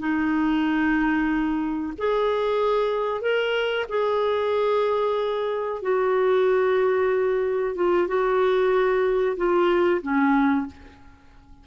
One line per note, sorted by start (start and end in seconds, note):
0.00 1.94 D#4
1.99 3.22 G#4
3.22 3.86 A#4
3.89 5.83 G#4
5.83 7.76 F#4
7.76 8.08 F4
8.08 9.37 F#4
9.37 10.02 F4
10.03 10.67 C#4